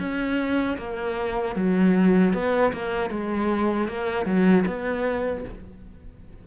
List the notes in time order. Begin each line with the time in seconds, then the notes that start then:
0.00 C#4
0.78 A#3
1.56 F#3
2.34 B3
2.73 A#3
3.11 G#3
3.89 A#3
4.26 F#3
4.67 B3